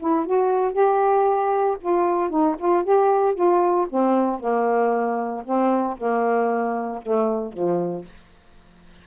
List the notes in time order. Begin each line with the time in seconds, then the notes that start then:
0.00 E4
0.26 F#4
0.73 G4
1.81 F4
2.30 D#4
2.59 F4
2.84 G4
3.35 F4
3.90 C4
4.40 A#3
5.45 C4
5.98 A#3
7.03 A3
7.53 F3